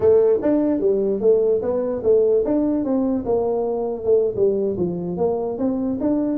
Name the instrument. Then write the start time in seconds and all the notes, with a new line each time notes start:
tuba
0.00 A3
0.42 D4
0.80 G3
1.20 A3
1.61 B3
2.03 A3
2.45 D4
2.84 C4
3.25 A#3
4.04 A3
4.36 G3
4.77 F3
5.17 A#3
5.58 C4
6.00 D4